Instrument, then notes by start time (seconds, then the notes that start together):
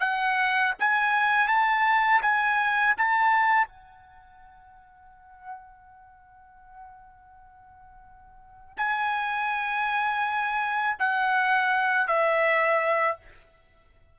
trumpet
0.00 F#5
0.79 G#5
1.48 A5
2.22 G#5
2.97 A5
3.68 F#5
8.77 G#5
10.99 F#5
12.07 E5